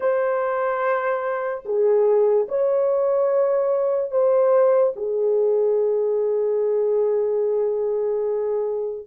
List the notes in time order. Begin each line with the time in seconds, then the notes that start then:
0.00 C5
1.65 G#4
2.48 C#5
4.11 C5
4.96 G#4